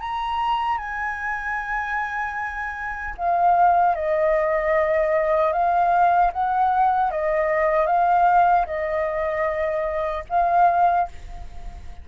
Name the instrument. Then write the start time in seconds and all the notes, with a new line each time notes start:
flute
0.00 A#5
0.78 G#5
3.17 F5
3.95 D#5
5.53 F5
6.32 F#5
7.11 D#5
7.87 F5
8.66 D#5
10.29 F5